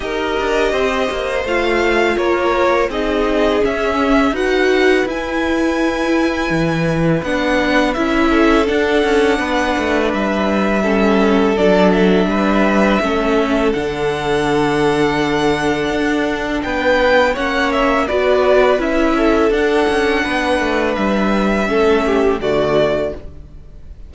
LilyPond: <<
  \new Staff \with { instrumentName = "violin" } { \time 4/4 \tempo 4 = 83 dis''2 f''4 cis''4 | dis''4 e''4 fis''4 gis''4~ | gis''2 fis''4 e''4 | fis''2 e''2 |
d''8 e''2~ e''8 fis''4~ | fis''2. g''4 | fis''8 e''8 d''4 e''4 fis''4~ | fis''4 e''2 d''4 | }
  \new Staff \with { instrumentName = "violin" } { \time 4/4 ais'4 c''2 ais'4 | gis'2 b'2~ | b'2.~ b'8 a'8~ | a'4 b'2 a'4~ |
a'4 b'4 a'2~ | a'2. b'4 | cis''4 b'4. a'4. | b'2 a'8 g'8 fis'4 | }
  \new Staff \with { instrumentName = "viola" } { \time 4/4 g'2 f'2 | dis'4 cis'4 fis'4 e'4~ | e'2 d'4 e'4 | d'2. cis'4 |
d'2 cis'4 d'4~ | d'1 | cis'4 fis'4 e'4 d'4~ | d'2 cis'4 a4 | }
  \new Staff \with { instrumentName = "cello" } { \time 4/4 dis'8 d'8 c'8 ais8 a4 ais4 | c'4 cis'4 dis'4 e'4~ | e'4 e4 b4 cis'4 | d'8 cis'8 b8 a8 g2 |
fis4 g4 a4 d4~ | d2 d'4 b4 | ais4 b4 cis'4 d'8 cis'8 | b8 a8 g4 a4 d4 | }
>>